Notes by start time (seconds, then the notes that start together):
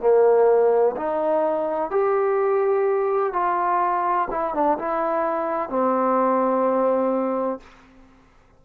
0.00 A#3
0.96 D#4
1.90 G4
3.33 F4
4.30 E4
4.54 D4
4.78 E4
5.69 C4